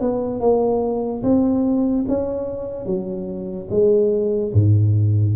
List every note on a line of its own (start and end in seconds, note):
0.00 0.40 B3
0.40 1.22 A#3
1.23 2.05 C4
2.08 2.85 C#4
2.85 3.68 F#3
3.70 4.52 G#3
4.53 5.35 G#2